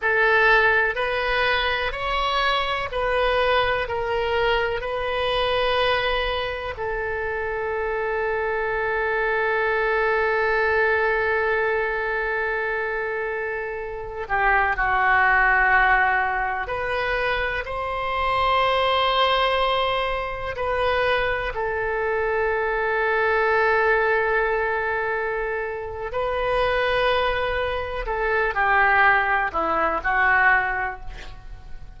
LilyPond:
\new Staff \with { instrumentName = "oboe" } { \time 4/4 \tempo 4 = 62 a'4 b'4 cis''4 b'4 | ais'4 b'2 a'4~ | a'1~ | a'2~ a'8. g'8 fis'8.~ |
fis'4~ fis'16 b'4 c''4.~ c''16~ | c''4~ c''16 b'4 a'4.~ a'16~ | a'2. b'4~ | b'4 a'8 g'4 e'8 fis'4 | }